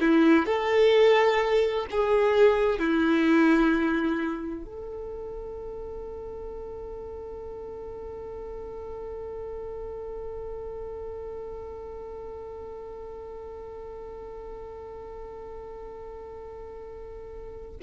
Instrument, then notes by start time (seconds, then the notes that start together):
violin
0.00 E4
0.46 A4
1.90 G#4
2.78 E4
4.64 A4